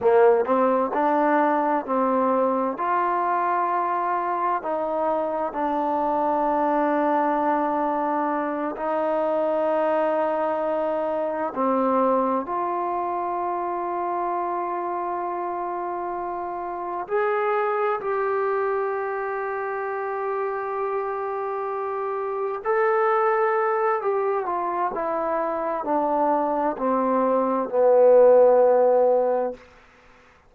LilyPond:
\new Staff \with { instrumentName = "trombone" } { \time 4/4 \tempo 4 = 65 ais8 c'8 d'4 c'4 f'4~ | f'4 dis'4 d'2~ | d'4. dis'2~ dis'8~ | dis'8 c'4 f'2~ f'8~ |
f'2~ f'8 gis'4 g'8~ | g'1~ | g'8 a'4. g'8 f'8 e'4 | d'4 c'4 b2 | }